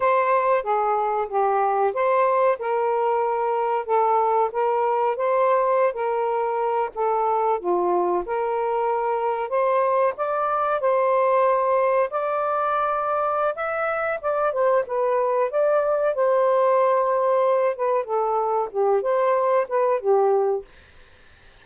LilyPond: \new Staff \with { instrumentName = "saxophone" } { \time 4/4 \tempo 4 = 93 c''4 gis'4 g'4 c''4 | ais'2 a'4 ais'4 | c''4~ c''16 ais'4. a'4 f'16~ | f'8. ais'2 c''4 d''16~ |
d''8. c''2 d''4~ d''16~ | d''4 e''4 d''8 c''8 b'4 | d''4 c''2~ c''8 b'8 | a'4 g'8 c''4 b'8 g'4 | }